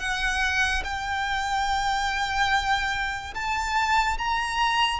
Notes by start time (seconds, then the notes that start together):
0.00 F#5
0.84 G5
3.35 A5
4.19 A#5